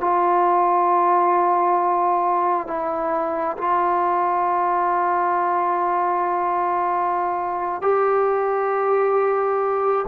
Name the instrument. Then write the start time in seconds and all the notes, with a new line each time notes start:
trombone
0.00 F4
2.67 E4
3.57 F4
7.81 G4